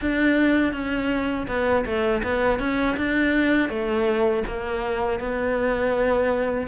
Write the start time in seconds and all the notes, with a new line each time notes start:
0.01 D4
0.72 C#4
1.47 B3
1.85 A3
2.23 B3
2.59 C#4
2.97 D4
3.69 A3
4.47 A#3
5.19 B3